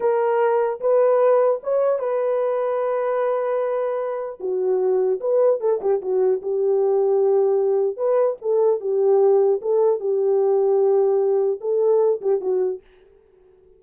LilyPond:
\new Staff \with { instrumentName = "horn" } { \time 4/4 \tempo 4 = 150 ais'2 b'2 | cis''4 b'2.~ | b'2. fis'4~ | fis'4 b'4 a'8 g'8 fis'4 |
g'1 | b'4 a'4 g'2 | a'4 g'2.~ | g'4 a'4. g'8 fis'4 | }